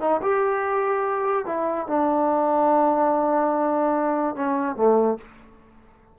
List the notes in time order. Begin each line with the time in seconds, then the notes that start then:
0.00 D#4
0.22 G4
1.46 E4
1.87 D4
4.36 C#4
4.76 A3